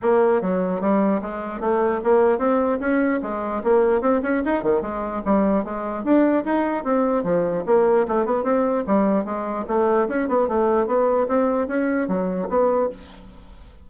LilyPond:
\new Staff \with { instrumentName = "bassoon" } { \time 4/4 \tempo 4 = 149 ais4 fis4 g4 gis4 | a4 ais4 c'4 cis'4 | gis4 ais4 c'8 cis'8 dis'8 dis8 | gis4 g4 gis4 d'4 |
dis'4 c'4 f4 ais4 | a8 b8 c'4 g4 gis4 | a4 cis'8 b8 a4 b4 | c'4 cis'4 fis4 b4 | }